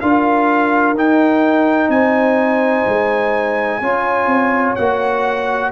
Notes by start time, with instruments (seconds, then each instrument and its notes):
0.00 tuba D4, trombone F4, horn A#4, trumpet F5
0.93 tuba D#4, trombone D#4, trumpet G5
1.88 tuba C4, horn C5, trumpet G#5
2.86 tuba G#3
3.80 tuba C#4, trombone F4, horn C#5
4.26 tuba C4
4.75 tuba A#3, trombone F#4, trumpet F#5